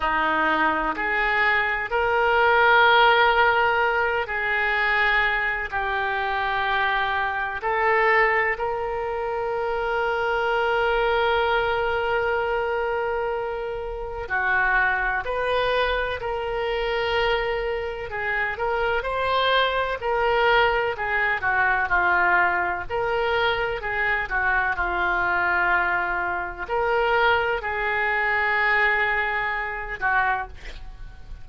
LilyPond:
\new Staff \with { instrumentName = "oboe" } { \time 4/4 \tempo 4 = 63 dis'4 gis'4 ais'2~ | ais'8 gis'4. g'2 | a'4 ais'2.~ | ais'2. fis'4 |
b'4 ais'2 gis'8 ais'8 | c''4 ais'4 gis'8 fis'8 f'4 | ais'4 gis'8 fis'8 f'2 | ais'4 gis'2~ gis'8 fis'8 | }